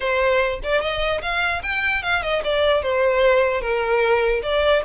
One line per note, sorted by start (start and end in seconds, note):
0.00 0.60 C5
0.63 0.81 D5
0.81 1.21 D#5
1.22 1.62 F5
1.62 2.02 G5
2.02 2.22 F5
2.22 2.42 D#5
2.44 2.82 D5
2.82 3.61 C5
3.61 4.41 A#4
4.42 4.82 D5